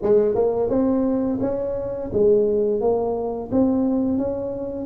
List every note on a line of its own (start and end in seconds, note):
0.02 0.34 G#3
0.34 0.69 A#3
0.69 1.39 C4
1.40 2.10 C#4
2.12 2.80 G#3
2.80 3.50 A#3
3.51 4.18 C4
4.18 4.86 C#4